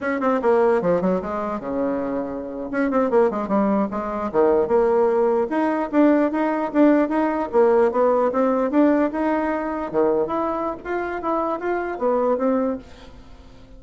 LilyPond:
\new Staff \with { instrumentName = "bassoon" } { \time 4/4 \tempo 4 = 150 cis'8 c'8 ais4 f8 fis8 gis4 | cis2~ cis8. cis'8 c'8 ais16~ | ais16 gis8 g4 gis4 dis4 ais16~ | ais4.~ ais16 dis'4 d'4 dis'16~ |
dis'8. d'4 dis'4 ais4 b16~ | b8. c'4 d'4 dis'4~ dis'16~ | dis'8. dis4 e'4~ e'16 f'4 | e'4 f'4 b4 c'4 | }